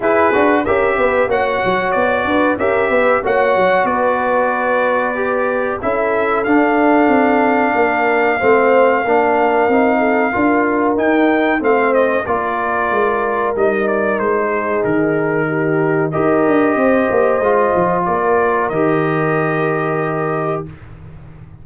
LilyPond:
<<
  \new Staff \with { instrumentName = "trumpet" } { \time 4/4 \tempo 4 = 93 b'4 e''4 fis''4 d''4 | e''4 fis''4 d''2~ | d''4 e''4 f''2~ | f''1~ |
f''4 g''4 f''8 dis''8 d''4~ | d''4 dis''8 d''8 c''4 ais'4~ | ais'4 dis''2. | d''4 dis''2. | }
  \new Staff \with { instrumentName = "horn" } { \time 4/4 gis'4 ais'8 b'8 cis''4. b'8 | ais'8 b'8 cis''4 b'2~ | b'4 a'2. | ais'4 c''4 ais'4. a'8 |
ais'2 c''4 ais'4~ | ais'2~ ais'8 gis'4. | g'4 ais'4 c''2 | ais'1 | }
  \new Staff \with { instrumentName = "trombone" } { \time 4/4 e'8 fis'8 g'4 fis'2 | g'4 fis'2. | g'4 e'4 d'2~ | d'4 c'4 d'4 dis'4 |
f'4 dis'4 c'4 f'4~ | f'4 dis'2.~ | dis'4 g'2 f'4~ | f'4 g'2. | }
  \new Staff \with { instrumentName = "tuba" } { \time 4/4 e'8 d'8 cis'8 b8 ais8 fis8 b8 d'8 | cis'8 b8 ais8 fis8 b2~ | b4 cis'4 d'4 c'4 | ais4 a4 ais4 c'4 |
d'4 dis'4 a4 ais4 | gis4 g4 gis4 dis4~ | dis4 dis'8 d'8 c'8 ais8 gis8 f8 | ais4 dis2. | }
>>